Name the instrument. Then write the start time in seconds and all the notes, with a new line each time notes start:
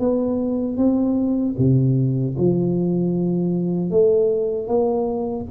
tuba
0.00 B3
0.78 C4
1.58 C3
2.38 F3
3.91 A3
4.68 A#3